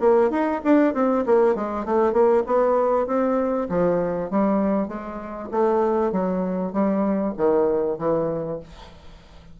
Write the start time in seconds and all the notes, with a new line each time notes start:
0.00 A#3
0.30 D#4
0.64 D4
0.94 C4
1.26 A#3
1.55 G#3
1.85 A3
2.13 A#3
2.46 B3
3.06 C4
3.69 F3
4.30 G3
4.88 G#3
5.51 A3
6.12 F#3
6.73 G3
7.37 D#3
7.98 E3